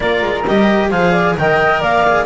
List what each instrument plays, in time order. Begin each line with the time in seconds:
0.00 double bass A#3, cello F4, flute A#4, clarinet D5
0.22 double bass G#3
0.47 double bass G3, cello G4, clarinet D#5
0.90 double bass F3, cello G#4, flute C5, clarinet F5
1.11 flute D5
1.37 double bass D#3, cello A#4, flute D#5, clarinet G5
1.80 double bass A#3, flute D5, clarinet F5
2.07 cello G#4